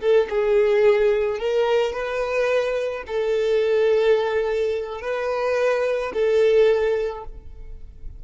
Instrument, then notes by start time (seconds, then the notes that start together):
violin
0.00 A4
0.29 G#4
1.38 A#4
1.92 B4
3.07 A4
5.01 B4
6.13 A4